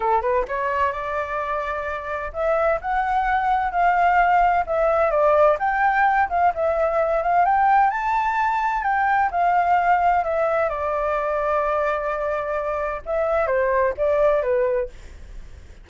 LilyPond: \new Staff \with { instrumentName = "flute" } { \time 4/4 \tempo 4 = 129 a'8 b'8 cis''4 d''2~ | d''4 e''4 fis''2 | f''2 e''4 d''4 | g''4. f''8 e''4. f''8 |
g''4 a''2 g''4 | f''2 e''4 d''4~ | d''1 | e''4 c''4 d''4 b'4 | }